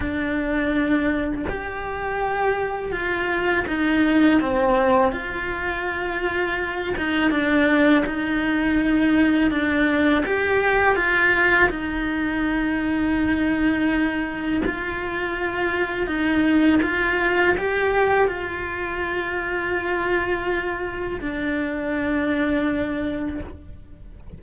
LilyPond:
\new Staff \with { instrumentName = "cello" } { \time 4/4 \tempo 4 = 82 d'2 g'2 | f'4 dis'4 c'4 f'4~ | f'4. dis'8 d'4 dis'4~ | dis'4 d'4 g'4 f'4 |
dis'1 | f'2 dis'4 f'4 | g'4 f'2.~ | f'4 d'2. | }